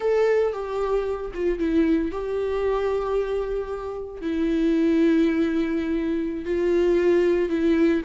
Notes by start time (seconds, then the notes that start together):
0.00 A4
0.52 G4
1.33 F4
1.58 E4
2.11 G4
4.21 E4
6.45 F4
7.49 E4